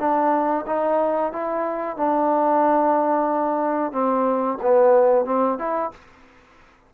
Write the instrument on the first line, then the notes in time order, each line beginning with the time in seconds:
trombone
0.00 D4
0.67 D#4
1.33 E4
1.97 D4
3.92 C4
4.62 B3
5.26 C4
5.59 E4